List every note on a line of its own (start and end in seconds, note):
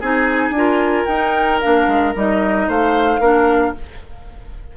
0.00 0.50 C4
0.00 0.55 D#4
0.00 0.54 G#4
0.00 1.05 G#5
0.50 1.04 D4
0.50 1.09 F4
0.57 2.68 A#4
1.05 1.61 D#4
1.05 1.59 G5
1.60 1.87 A#3
1.60 2.15 D4
1.60 2.14 F5
1.87 2.14 G#3
2.15 2.68 G3
2.15 3.21 D#4
2.15 2.69 D#5
2.68 3.19 A3
2.68 3.21 C5
2.68 3.76 F5
3.19 3.73 A#3
3.19 3.74 D4
3.19 3.74 A#4